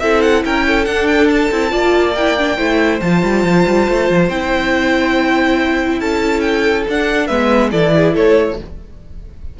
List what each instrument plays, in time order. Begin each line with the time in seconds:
0.00 cello C4, viola E4, violin A4 E5
0.21 violin F#5
0.45 cello C#4, violin A#4 G5
0.67 violin A4
0.86 cello D4, viola D4, violin F#5
1.07 violin G5
1.29 violin A5
1.51 cello C4, viola E4
1.71 cello A#3, viola F4, violin D5
2.15 viola E4, violin G5
2.38 viola D4
2.57 cello A3, viola E4, violin C5
3.01 cello F3, viola F4, violin A5
3.23 cello G3
3.44 cello F3
3.67 cello G3
3.89 cello A3
4.10 cello F3
4.29 cello C4, viola E4, violin G5
6.00 cello C#4, violin A4 A5
6.41 violin G5
6.88 cello D4, viola D4, violin F#5
7.27 cello G#3, viola B3, violin B4 E5
7.71 cello E3, viola E4, violin A4 D5
7.96 violin G#4
8.14 cello A3, violin A4 C#5